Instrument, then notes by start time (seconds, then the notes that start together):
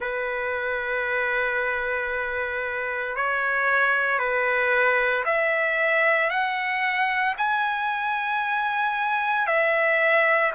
trumpet
0.00 B4
3.16 C#5
4.18 B4
5.25 E5
6.30 F#5
7.37 G#5
9.46 E5